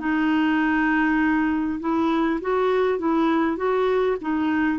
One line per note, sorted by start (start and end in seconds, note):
0.00 1.80 D#4
1.81 2.41 E4
2.41 2.99 F#4
2.99 3.57 E4
3.57 4.17 F#4
4.22 4.79 D#4